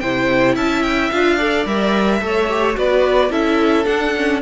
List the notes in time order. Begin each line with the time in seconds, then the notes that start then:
0.00 C3 E4 C5 G5
0.56 C#4 E5 A5
0.83 G5
1.11 D4 F4 F5
1.36 A4 D5
1.66 G3 A#4 E5
2.21 A3 A4 C#5
2.49 G4
2.75 B3 F#4 B4 D5
3.30 C#4 E4 A4 E5
3.85 D4 F#5
4.16 C#4